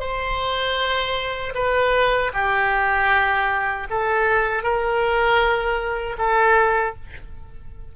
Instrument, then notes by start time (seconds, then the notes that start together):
oboe
0.00 C5
1.55 B4
2.34 G4
3.90 A4
4.63 A#4
6.18 A4